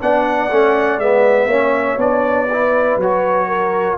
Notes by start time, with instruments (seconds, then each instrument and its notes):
0.00 tuba B3, trombone D4, horn D5, trumpet F#5
0.50 tuba A3, trombone C#4
0.98 tuba G#3, trombone B3, trumpet E5
1.46 tuba A#3, trombone C#4, horn C#5
1.97 tuba B3, trombone D4, trumpet D5
2.51 trombone E4, horn B4
2.97 tuba F#3, trombone F#4, trumpet C#5
3.48 horn A#4